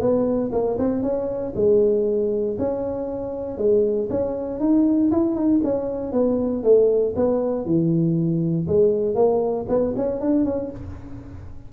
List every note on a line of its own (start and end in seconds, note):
0.00 0.51 B3
0.52 0.77 A#3
0.79 1.02 C4
1.02 1.53 C#4
1.55 2.57 G#3
2.58 3.58 C#4
3.58 4.08 G#3
4.10 4.59 C#4
4.59 5.10 D#4
5.11 5.35 E4
5.35 5.60 D#4
5.63 6.12 C#4
6.12 6.63 B3
6.63 7.14 A3
7.16 7.65 B3
7.65 8.67 E3
8.67 9.15 G#3
9.15 9.66 A#3
9.68 9.94 B3
9.96 10.20 C#4
10.20 10.45 D4
10.45 10.70 C#4